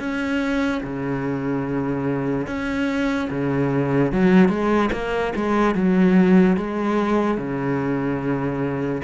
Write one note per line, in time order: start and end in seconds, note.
0.00 0.82 C#4
0.84 2.47 C#3
2.47 3.30 C#4
3.31 4.13 C#3
4.13 4.49 F#3
4.49 4.90 G#3
4.93 5.34 A#3
5.36 5.75 G#3
5.75 6.57 F#3
6.57 7.38 G#3
7.38 9.03 C#3